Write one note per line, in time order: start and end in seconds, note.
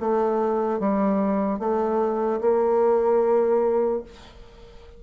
0.00 0.80 A3
0.80 1.60 G3
1.60 2.41 A3
2.41 4.03 A#3